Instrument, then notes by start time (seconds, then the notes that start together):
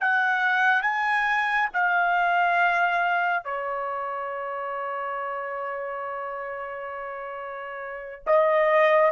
trumpet
0.00 F#5
0.82 G#5
1.73 F5
3.44 C#5
8.26 D#5